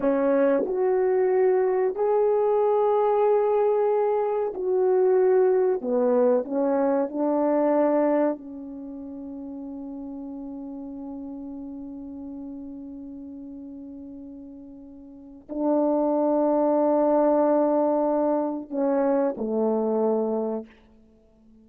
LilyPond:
\new Staff \with { instrumentName = "horn" } { \time 4/4 \tempo 4 = 93 cis'4 fis'2 gis'4~ | gis'2. fis'4~ | fis'4 b4 cis'4 d'4~ | d'4 cis'2.~ |
cis'1~ | cis'1 | d'1~ | d'4 cis'4 a2 | }